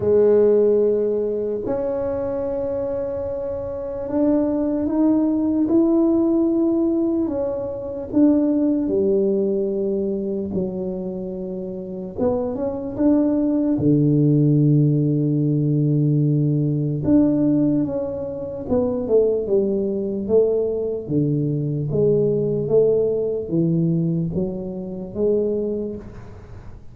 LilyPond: \new Staff \with { instrumentName = "tuba" } { \time 4/4 \tempo 4 = 74 gis2 cis'2~ | cis'4 d'4 dis'4 e'4~ | e'4 cis'4 d'4 g4~ | g4 fis2 b8 cis'8 |
d'4 d2.~ | d4 d'4 cis'4 b8 a8 | g4 a4 d4 gis4 | a4 e4 fis4 gis4 | }